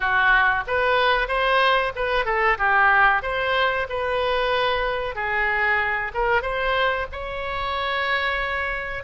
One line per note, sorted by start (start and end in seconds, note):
0.00 0.63 F#4
0.67 1.28 B4
1.28 1.92 C5
1.95 2.25 B4
2.25 2.57 A4
2.58 3.22 G4
3.22 3.87 C5
3.89 5.15 B4
5.15 6.11 G#4
6.14 6.42 A#4
6.42 7.06 C5
7.11 9.03 C#5